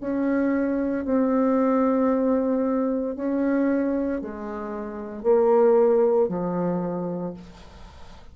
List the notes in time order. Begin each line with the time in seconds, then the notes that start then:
0.00 C#4
1.05 C4
3.15 C#4
4.21 G#3
5.22 A#3
6.28 F3